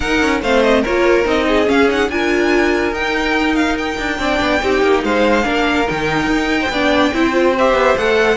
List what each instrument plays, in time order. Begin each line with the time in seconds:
0.00 viola D#4, cello D#4, violin A#4 F#5
0.21 cello C#4
0.41 cello A3, viola C4, violin C5 F5
0.62 violin D#5
0.81 cello A#3, viola F4, violin A#4 C#5
1.24 cello C4, viola D#4, violin D#5
1.47 violin G#4
1.65 viola C#4, cello C#4, violin F5
1.88 viola D#4, violin F#5
2.08 cello D4, viola F4, violin A#4 G#5
2.92 cello D#4, viola D#4, violin G5
3.55 violin F5
3.78 violin G5
3.98 cello D4
4.18 cello C4, viola D4, violin D5
4.40 cello B3
4.62 cello C4, viola D#4, violin G4
4.82 cello A#3
5.03 cello G#3, violin C5 F5
5.42 cello A#3, viola D4, violin A#4
5.87 cello D#3, viola D#4, violin G5
6.27 cello D#4
6.60 violin C5
6.69 cello B3, viola D4, violin D5
7.13 cello C4, viola E4, violin C5
7.32 viola F4
7.58 viola G4, violin E5
7.74 cello B3
7.97 cello A3, viola A4, violin F#5